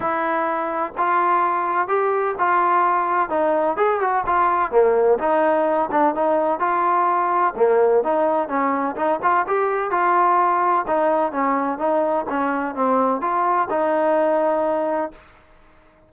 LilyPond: \new Staff \with { instrumentName = "trombone" } { \time 4/4 \tempo 4 = 127 e'2 f'2 | g'4 f'2 dis'4 | gis'8 fis'8 f'4 ais4 dis'4~ | dis'8 d'8 dis'4 f'2 |
ais4 dis'4 cis'4 dis'8 f'8 | g'4 f'2 dis'4 | cis'4 dis'4 cis'4 c'4 | f'4 dis'2. | }